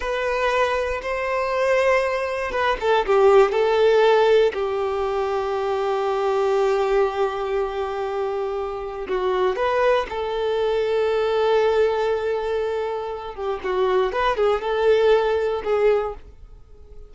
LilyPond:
\new Staff \with { instrumentName = "violin" } { \time 4/4 \tempo 4 = 119 b'2 c''2~ | c''4 b'8 a'8 g'4 a'4~ | a'4 g'2.~ | g'1~ |
g'2 fis'4 b'4 | a'1~ | a'2~ a'8 g'8 fis'4 | b'8 gis'8 a'2 gis'4 | }